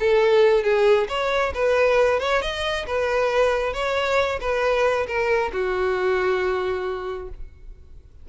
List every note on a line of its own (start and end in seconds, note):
0.00 0.64 A4
0.64 1.08 G#4
1.09 1.53 C#5
1.55 2.20 B4
2.20 2.42 C#5
2.42 2.86 D#5
2.87 3.74 B4
3.74 4.40 C#5
4.41 5.07 B4
5.08 5.52 A#4
5.53 7.30 F#4